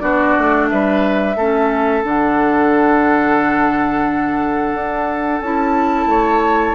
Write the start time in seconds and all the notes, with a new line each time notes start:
0.00 B3 D4 F#4 D5
0.39 A3
0.70 G3 B4 E5
1.36 A3 C#4 A4
2.04 D3 D4 F#5
4.74 D4
5.41 C#4 E4 A5
6.06 A3 C#5